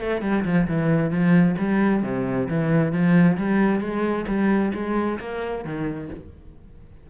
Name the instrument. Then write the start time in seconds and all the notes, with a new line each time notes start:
cello
0.00 A3
0.22 G3
0.45 F3
0.67 E3
1.11 F3
1.58 G3
2.03 C3
2.49 E3
2.92 F3
3.37 G3
3.80 G#3
4.27 G3
4.74 G#3
5.19 A#3
5.65 D#3